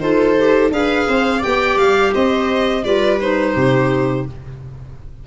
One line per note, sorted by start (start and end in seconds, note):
0.00 0.71 D#4
0.00 0.35 F4
0.00 0.74 A4
0.00 0.71 C5
0.38 0.71 G4
0.71 1.06 D4
0.71 1.42 G#4
0.71 1.09 B4
0.71 1.43 F5
1.08 1.44 C4
1.08 1.39 C5
1.39 2.83 G4
1.39 2.09 D5
1.39 1.78 G5
1.45 1.77 B3
1.77 2.12 G3
1.77 2.14 F5
2.14 2.84 C4
2.14 2.85 C5
2.14 2.84 D#5
2.84 3.55 G3
2.84 3.19 F4
2.84 3.55 B4
2.84 3.20 D5
3.21 4.27 D#4
3.21 4.26 C5
3.55 4.26 C3
3.55 4.25 G4